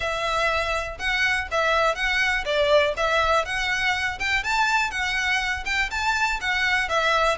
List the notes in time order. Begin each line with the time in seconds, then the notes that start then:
0.00 E5
0.98 F#5
1.51 E5
1.95 F#5
2.45 D5
2.96 E5
3.45 F#5
4.19 G5
4.43 A5
4.90 F#5
5.65 G5
5.90 A5
6.40 F#5
6.88 E5